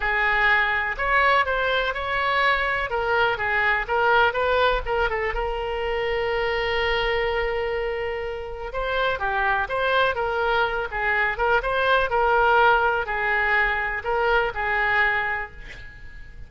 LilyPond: \new Staff \with { instrumentName = "oboe" } { \time 4/4 \tempo 4 = 124 gis'2 cis''4 c''4 | cis''2 ais'4 gis'4 | ais'4 b'4 ais'8 a'8 ais'4~ | ais'1~ |
ais'2 c''4 g'4 | c''4 ais'4. gis'4 ais'8 | c''4 ais'2 gis'4~ | gis'4 ais'4 gis'2 | }